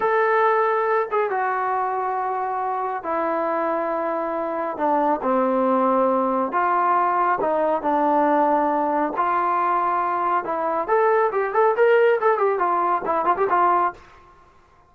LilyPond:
\new Staff \with { instrumentName = "trombone" } { \time 4/4 \tempo 4 = 138 a'2~ a'8 gis'8 fis'4~ | fis'2. e'4~ | e'2. d'4 | c'2. f'4~ |
f'4 dis'4 d'2~ | d'4 f'2. | e'4 a'4 g'8 a'8 ais'4 | a'8 g'8 f'4 e'8 f'16 g'16 f'4 | }